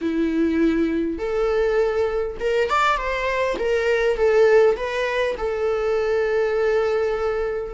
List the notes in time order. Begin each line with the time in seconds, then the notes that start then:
0.01 E4
1.18 A4
2.40 A#4
2.69 D5
2.97 C5
3.58 A#4
4.16 A4
4.76 B4
5.37 A4